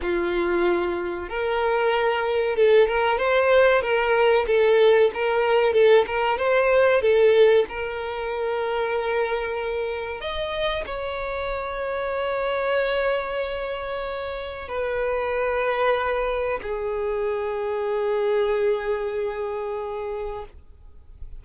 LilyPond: \new Staff \with { instrumentName = "violin" } { \time 4/4 \tempo 4 = 94 f'2 ais'2 | a'8 ais'8 c''4 ais'4 a'4 | ais'4 a'8 ais'8 c''4 a'4 | ais'1 |
dis''4 cis''2.~ | cis''2. b'4~ | b'2 gis'2~ | gis'1 | }